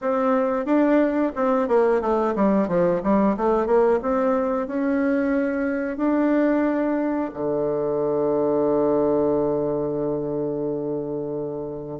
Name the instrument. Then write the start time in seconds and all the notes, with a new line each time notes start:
bassoon
0.01 C4
0.65 D4
1.35 C4
1.68 A#3
2.01 A3
2.35 G3
2.68 F3
3.03 G3
3.36 A3
3.66 A#3
4.02 C4
4.67 C#4
5.97 D4
7.33 D3